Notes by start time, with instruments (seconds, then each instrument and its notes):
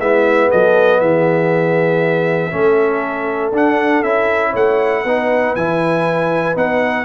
0.00 tuba G#3, trombone B3, horn E4, trumpet E5
0.50 tuba F#3, horn A4, trumpet D#5
1.01 tuba E3, horn G#4, trumpet E5
2.51 tuba A3, trombone C#4, horn A4
3.53 tuba D4, trombone D4, trumpet F#5
4.03 tuba C#4, trombone E4, trumpet E5
4.51 tuba A3, horn C#5, trumpet F#5
5.03 tuba B3, trombone D#4, horn B4
5.56 tuba E3, trombone E4, trumpet G#5
6.56 tuba B3, trombone D#4, trumpet F#5